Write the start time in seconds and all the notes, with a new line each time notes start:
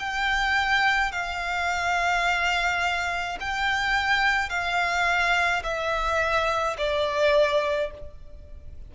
0.00 G5
1.12 F5
3.41 G5
4.50 F5
5.63 E5
6.78 D5